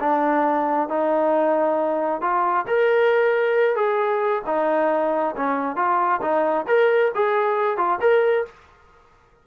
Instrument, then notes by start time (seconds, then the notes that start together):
trombone
0.00 D4
0.89 D#4
2.21 F4
2.68 A#4
3.76 G#4
4.47 D#4
5.37 C#4
5.76 F4
6.22 D#4
6.67 A#4
7.15 G#4
7.77 F4
8.01 A#4